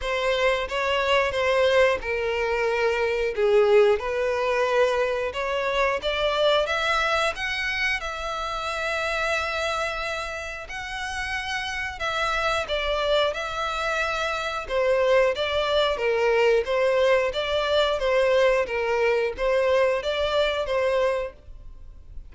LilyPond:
\new Staff \with { instrumentName = "violin" } { \time 4/4 \tempo 4 = 90 c''4 cis''4 c''4 ais'4~ | ais'4 gis'4 b'2 | cis''4 d''4 e''4 fis''4 | e''1 |
fis''2 e''4 d''4 | e''2 c''4 d''4 | ais'4 c''4 d''4 c''4 | ais'4 c''4 d''4 c''4 | }